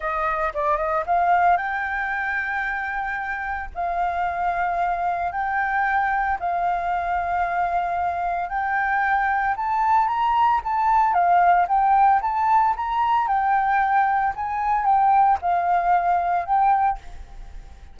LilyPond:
\new Staff \with { instrumentName = "flute" } { \time 4/4 \tempo 4 = 113 dis''4 d''8 dis''8 f''4 g''4~ | g''2. f''4~ | f''2 g''2 | f''1 |
g''2 a''4 ais''4 | a''4 f''4 g''4 a''4 | ais''4 g''2 gis''4 | g''4 f''2 g''4 | }